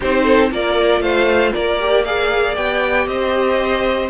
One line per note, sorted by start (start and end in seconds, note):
0.00 0.51 C4
0.00 0.51 D#4
0.00 0.23 G4
0.00 0.52 C5
0.23 0.49 A4
0.51 1.00 A#3
0.51 1.79 F4
0.51 1.02 A#4
0.51 1.01 D5
1.00 1.52 A3
1.00 1.52 C5
1.00 1.52 F5
1.52 2.56 A#3
1.52 2.03 A#4
1.52 2.04 D5
1.79 2.05 G4
2.04 2.56 G#4
2.04 3.07 D5
2.04 2.56 F5
2.56 3.06 B3
2.56 4.09 G4
2.56 3.07 G5
3.06 4.09 C4
3.06 4.09 C5
3.06 4.09 D#5